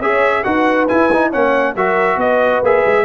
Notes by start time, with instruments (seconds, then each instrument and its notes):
0.00 tuba C#4, trombone G#4, horn C#5, trumpet E5
0.44 tuba D#4, trombone F#4, horn B4, trumpet F#5
0.88 trombone E4, tuba E4, trumpet G#5
1.13 trombone D#4
1.30 tuba A#3, trombone C#4, horn C#5, trumpet F#5
1.76 tuba F#3, trombone F#4, horn A#4, trumpet E5
2.17 tuba B3, horn B4, trumpet D#5
2.62 tuba A#3, trombone G#4, trumpet E5
2.86 tuba G#3